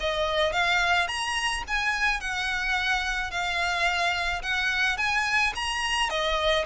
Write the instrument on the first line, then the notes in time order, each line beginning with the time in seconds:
violin
0.00 D#5
0.53 F5
1.08 A#5
1.68 G#5
2.21 F#5
3.31 F5
4.43 F#5
4.98 G#5
5.56 A#5
6.10 D#5